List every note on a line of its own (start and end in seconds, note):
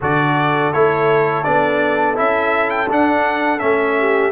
0.00 0.73 D3
0.00 0.73 F#4
0.00 3.98 A4
0.00 0.72 D5
0.72 1.46 A3
0.72 1.44 E4
0.72 1.43 C#5
1.43 2.18 B3
1.43 2.15 D4
1.43 2.16 D5
2.15 2.89 C#4
2.15 2.87 E4
2.15 2.69 E5
2.69 2.87 G5
2.89 3.61 D4
2.89 3.59 D4
2.89 3.59 F#5
3.59 4.32 A3
3.59 4.32 C#4
3.59 4.31 E5
3.98 4.32 G4